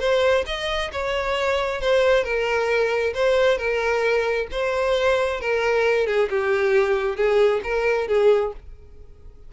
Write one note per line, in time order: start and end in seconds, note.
0.00 0.45 C5
0.46 0.91 D#5
0.92 1.81 C#5
1.81 2.24 C5
2.24 3.14 A#4
3.14 3.58 C5
3.58 4.47 A#4
4.52 5.41 C5
5.41 6.07 A#4
6.07 6.29 G#4
6.30 7.16 G4
7.16 7.61 G#4
7.63 8.08 A#4
8.08 8.53 G#4